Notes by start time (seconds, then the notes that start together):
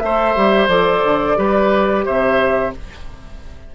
0.00 A3 A4 C5 E5
0.35 G3 G4
0.68 F3 A4 D5
1.04 D3
1.35 G3 G4 B4
2.05 C3 C5 E5